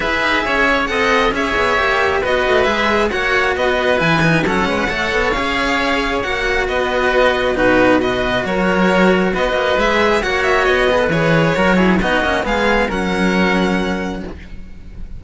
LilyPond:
<<
  \new Staff \with { instrumentName = "violin" } { \time 4/4 \tempo 4 = 135 e''2 fis''4 e''4~ | e''4 dis''4 e''4 fis''4 | dis''4 gis''4 fis''2 | f''2 fis''4 dis''4~ |
dis''4 b'4 dis''4 cis''4~ | cis''4 dis''4 e''4 fis''8 e''8 | dis''4 cis''2 dis''4 | f''4 fis''2. | }
  \new Staff \with { instrumentName = "oboe" } { \time 4/4 b'4 cis''4 dis''4 cis''4~ | cis''4 b'2 cis''4 | b'2 a'8 b'8 cis''4~ | cis''2. b'4~ |
b'4 fis'4 b'4 ais'4~ | ais'4 b'2 cis''4~ | cis''8 b'4. ais'8 gis'8 fis'4 | gis'4 ais'2. | }
  \new Staff \with { instrumentName = "cello" } { \time 4/4 gis'2 a'4 gis'4 | g'4 fis'4 gis'4 fis'4~ | fis'4 e'8 dis'8 cis'4 a'4 | gis'2 fis'2~ |
fis'4 dis'4 fis'2~ | fis'2 gis'4 fis'4~ | fis'8 gis'16 a'16 gis'4 fis'8 e'8 dis'8 cis'8 | b4 cis'2. | }
  \new Staff \with { instrumentName = "cello" } { \time 4/4 e'8 dis'8 cis'4 c'4 cis'8 b8 | ais4 b8 a8 gis4 ais4 | b4 e4 fis8 gis8 a8 b8 | cis'2 ais4 b4~ |
b4 b,2 fis4~ | fis4 b8 ais8 gis4 ais4 | b4 e4 fis4 b8 ais8 | gis4 fis2. | }
>>